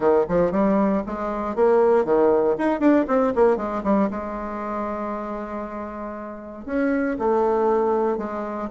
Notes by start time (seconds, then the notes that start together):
0.00 D#3
0.28 F3
0.51 G3
1.06 G#3
1.55 A#3
2.04 D#3
2.58 D#4
2.79 D4
3.07 C4
3.34 A#3
3.56 G#3
3.83 G3
4.10 G#3
6.65 C#4
7.19 A3
8.17 G#3